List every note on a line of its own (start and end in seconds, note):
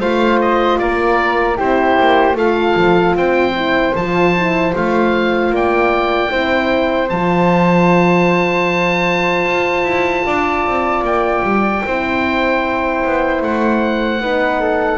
0.00 0.79 A3
0.00 1.55 F4
0.00 0.79 C5
0.00 0.39 F5
0.41 0.78 D#5
0.78 1.59 A#3
0.78 1.57 A#4
0.78 1.57 D5
1.55 1.99 C4
1.55 2.34 E4
1.55 2.36 G4
1.55 2.37 C5
2.00 2.36 A#3
2.36 2.75 A3
2.36 3.54 F4
2.36 3.16 A4
2.36 3.16 F5
2.76 3.15 F3
3.15 3.94 C4
3.15 5.53 C5
3.15 3.96 G5
3.55 3.95 E4
3.95 4.74 F3
3.95 4.36 F4
3.95 4.75 A5
4.37 4.74 E4
4.74 5.50 A3
4.74 6.30 F4
4.74 5.55 F5
5.50 6.29 A#3
5.50 6.31 D5
5.50 7.09 G5
6.30 7.11 C4
6.30 7.09 E4
6.30 10.25 C5
7.09 9.45 F3
7.09 11.85 F4
7.09 11.04 A5
9.45 9.84 F4
9.84 10.23 E4
10.25 10.66 D4
10.25 11.83 D5
10.66 11.02 C4
11.02 11.41 A#3
11.02 13.43 G5
11.43 11.82 G3
11.86 13.04 C4
11.86 14.21 E4
11.86 14.22 C5
13.05 13.41 B3
13.41 14.20 A3
13.41 14.98 F#5
14.21 14.98 B3
14.21 14.98 D#4
14.21 14.61 B4
14.61 14.98 A4